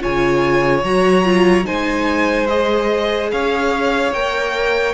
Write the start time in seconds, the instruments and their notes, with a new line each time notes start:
0.00 cello C#3, viola F4, violin C#5 G#5
0.84 cello F#3, viola F#4, violin A#5
1.25 viola F4
1.65 cello G#3, viola D#4, violin C5 G#5
2.47 viola G#4, violin D#5
3.32 cello C#4, violin C#5 F5
4.12 cello A#3, viola A#4, violin G5